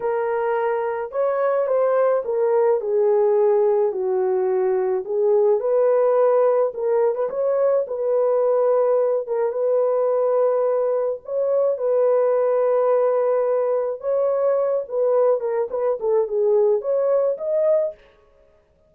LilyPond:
\new Staff \with { instrumentName = "horn" } { \time 4/4 \tempo 4 = 107 ais'2 cis''4 c''4 | ais'4 gis'2 fis'4~ | fis'4 gis'4 b'2 | ais'8. b'16 cis''4 b'2~ |
b'8 ais'8 b'2. | cis''4 b'2.~ | b'4 cis''4. b'4 ais'8 | b'8 a'8 gis'4 cis''4 dis''4 | }